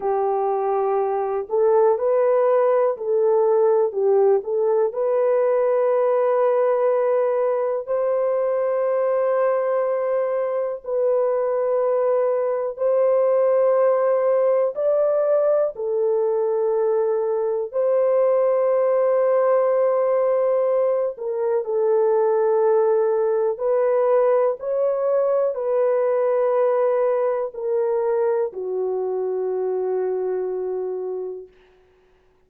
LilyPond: \new Staff \with { instrumentName = "horn" } { \time 4/4 \tempo 4 = 61 g'4. a'8 b'4 a'4 | g'8 a'8 b'2. | c''2. b'4~ | b'4 c''2 d''4 |
a'2 c''2~ | c''4. ais'8 a'2 | b'4 cis''4 b'2 | ais'4 fis'2. | }